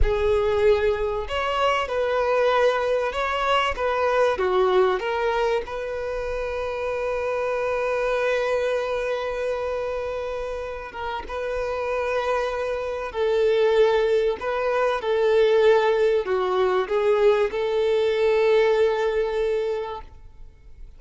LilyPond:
\new Staff \with { instrumentName = "violin" } { \time 4/4 \tempo 4 = 96 gis'2 cis''4 b'4~ | b'4 cis''4 b'4 fis'4 | ais'4 b'2.~ | b'1~ |
b'4. ais'8 b'2~ | b'4 a'2 b'4 | a'2 fis'4 gis'4 | a'1 | }